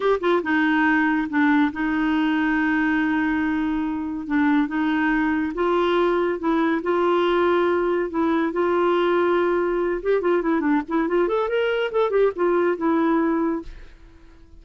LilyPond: \new Staff \with { instrumentName = "clarinet" } { \time 4/4 \tempo 4 = 141 g'8 f'8 dis'2 d'4 | dis'1~ | dis'2 d'4 dis'4~ | dis'4 f'2 e'4 |
f'2. e'4 | f'2.~ f'8 g'8 | f'8 e'8 d'8 e'8 f'8 a'8 ais'4 | a'8 g'8 f'4 e'2 | }